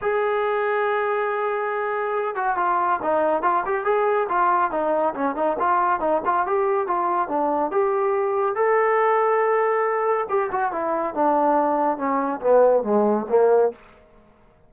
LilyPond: \new Staff \with { instrumentName = "trombone" } { \time 4/4 \tempo 4 = 140 gis'1~ | gis'4. fis'8 f'4 dis'4 | f'8 g'8 gis'4 f'4 dis'4 | cis'8 dis'8 f'4 dis'8 f'8 g'4 |
f'4 d'4 g'2 | a'1 | g'8 fis'8 e'4 d'2 | cis'4 b4 gis4 ais4 | }